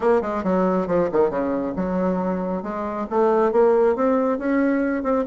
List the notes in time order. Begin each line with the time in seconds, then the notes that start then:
0.00 A#3
0.21 G#3
0.43 F#3
0.87 F3
1.12 D#3
1.29 C#3
1.76 F#3
2.63 G#3
3.10 A3
3.52 A#3
3.95 C4
4.38 C#4
5.03 C4